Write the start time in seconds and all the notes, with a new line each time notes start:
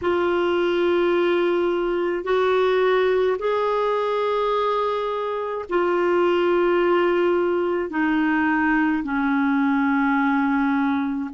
0.01 F4
2.24 F#4
3.38 G#4
5.69 F4
7.89 D#4
9.03 C#4